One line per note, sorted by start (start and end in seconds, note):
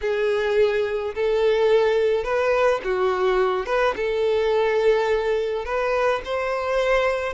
0.01 1.14 G#4
1.14 2.24 A4
2.24 2.80 B4
2.84 3.66 F#4
3.66 3.94 B4
3.95 5.65 A4
5.65 6.21 B4
6.24 7.33 C5